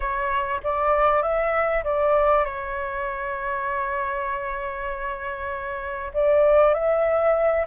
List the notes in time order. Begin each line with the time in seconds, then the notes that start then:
0.00 C#5
0.63 D5
1.22 E5
1.83 D5
2.44 C#5
6.13 D5
6.74 E5